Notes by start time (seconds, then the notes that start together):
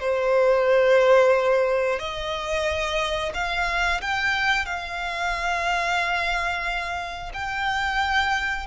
0.00 C5
1.99 D#5
3.35 F5
4.02 G5
4.66 F5
7.34 G5